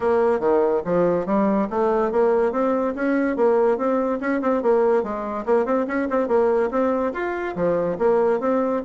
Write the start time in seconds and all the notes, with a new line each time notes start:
0.00 A#3
0.39 D#3
0.84 F3
1.26 G3
1.70 A3
2.11 A#3
2.52 C4
2.95 C#4
3.36 A#3
3.77 C4
4.20 C#4
4.41 C4
4.62 A#3
5.03 G#3
5.45 A#3
5.65 C4
5.87 C#4
6.09 C4
6.28 A#3
6.70 C4
7.13 F4
7.55 F3
7.98 A#3
8.40 C4